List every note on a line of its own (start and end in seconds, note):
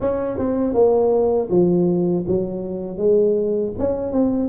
0.00 0.38 C#4
0.38 0.74 C4
0.74 1.49 A#3
1.50 2.25 F3
2.27 2.97 F#3
2.97 3.72 G#3
3.78 4.12 C#4
4.12 4.49 C4